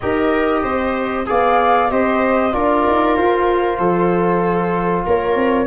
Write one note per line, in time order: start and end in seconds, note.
0.00 0.63 D#4
0.00 1.26 G4
0.00 0.63 A#4
0.00 1.26 D#5
0.63 1.26 C4
0.63 1.26 C5
1.26 1.90 B3
1.26 1.89 G#4
1.26 1.91 D5
1.26 1.90 F5
1.89 2.54 C4
1.89 2.51 G4
1.89 2.54 C5
1.89 2.53 D#5
2.51 2.86 D4
2.51 5.67 F4
2.51 3.78 A#4
2.51 3.16 D5
2.86 3.17 D#4
3.16 3.78 F4
3.16 5.05 C5
3.78 5.05 F3
3.78 5.05 A4
5.05 5.35 A#3
5.05 5.67 A#4
5.05 5.67 C#5
5.35 5.67 C4